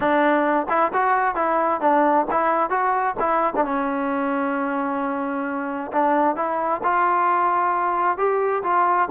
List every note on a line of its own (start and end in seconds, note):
0.00 0.66 D4
0.69 0.92 E4
0.93 1.35 F#4
1.35 1.80 E4
1.80 2.26 D4
2.30 2.69 E4
2.69 3.15 F#4
3.19 3.53 E4
3.56 3.64 D4
3.64 5.91 C#4
5.92 6.35 D4
6.35 6.81 E4
6.83 8.17 F4
8.17 8.63 G4
8.63 9.08 F4